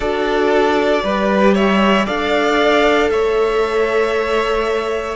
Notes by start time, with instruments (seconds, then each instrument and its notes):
0.00 cello D4, viola F#4, violin A4 D5
1.03 cello G3, viola G4, violin B4
1.54 violin C#5 E5
2.05 cello D4, viola A4, violin D5 F5
3.09 cello A3, violin C#5 E5